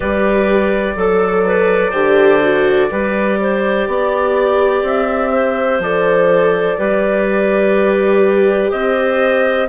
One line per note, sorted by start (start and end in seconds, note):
0.00 0.95 G3
0.00 0.97 G4
0.00 0.96 B4
0.00 4.83 D5
0.95 1.92 F#3
0.95 1.44 A4
0.95 1.92 A4
1.45 1.90 B4
1.90 2.89 D3
1.90 2.40 G4
1.90 2.87 C5
2.41 2.90 F#4
2.90 3.87 G3
2.90 5.81 G4
2.90 3.39 B4
3.40 3.88 C5
3.87 4.82 B3
3.87 5.32 D5
4.82 5.79 C4
4.82 5.82 E5
5.32 6.77 C5
5.79 6.76 F3
5.79 6.77 A4
5.79 8.71 D5
6.77 8.71 G3
6.77 9.68 G4
6.77 8.71 B4
8.71 9.68 C4
8.71 9.67 C5
8.71 9.68 D#5